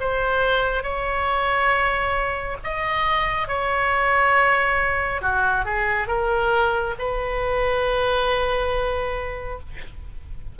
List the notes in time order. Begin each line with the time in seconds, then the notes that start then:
0.00 C5
0.83 C#5
2.64 D#5
3.47 C#5
5.21 F#4
5.64 G#4
6.07 A#4
6.98 B4